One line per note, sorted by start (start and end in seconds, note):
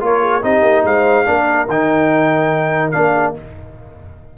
0.00 0.43 A#3
0.00 0.42 F4
0.00 0.21 A#4
0.00 0.43 C#5
0.21 0.41 G#4
0.42 0.62 C4
0.42 1.25 D#4
0.42 0.85 G4
0.42 0.85 D#5
0.62 0.83 A#3
0.84 1.25 G#3
0.84 1.26 C5
0.84 1.69 F5
1.25 1.68 A#3
1.25 1.67 D4
1.25 3.12 A#4
1.68 2.93 D#3
1.68 2.93 D#4
1.68 2.91 G5
2.91 3.37 A#3
2.91 3.34 D4
2.91 3.33 F5
3.12 3.33 G#4